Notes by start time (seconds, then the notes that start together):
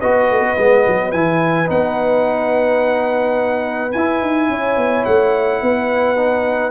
0.00 B3 F#4 B4 D#5
0.30 A3
0.40 B3
0.57 G#3 B3
0.87 F#3
1.12 E3 E4 G#5
1.66 B3 D#4 F#5
3.92 E4 G#5
4.21 D#4
4.49 C#4 C#5
4.76 B3
5.05 A3 F#5
5.62 B3 B4
6.16 D#4